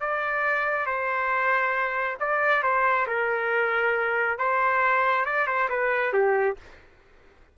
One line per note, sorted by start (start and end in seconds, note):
0.00 0.86 D5
0.86 2.17 C5
2.20 2.63 D5
2.63 3.07 C5
3.07 4.38 A#4
4.38 5.25 C5
5.25 5.47 D5
5.47 5.69 C5
5.69 6.13 B4
6.13 6.57 G4